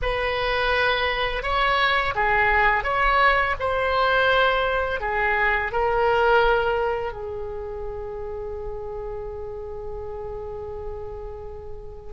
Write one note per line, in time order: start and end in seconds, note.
0.02 1.42 B4
1.42 2.14 C#5
2.15 2.83 G#4
2.83 3.55 C#5
3.59 5.00 C5
5.00 5.71 G#4
5.71 7.12 A#4
7.12 12.12 G#4